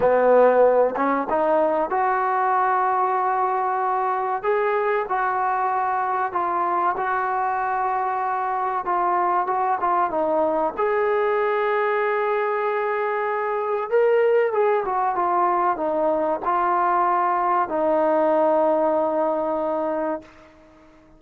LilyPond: \new Staff \with { instrumentName = "trombone" } { \time 4/4 \tempo 4 = 95 b4. cis'8 dis'4 fis'4~ | fis'2. gis'4 | fis'2 f'4 fis'4~ | fis'2 f'4 fis'8 f'8 |
dis'4 gis'2.~ | gis'2 ais'4 gis'8 fis'8 | f'4 dis'4 f'2 | dis'1 | }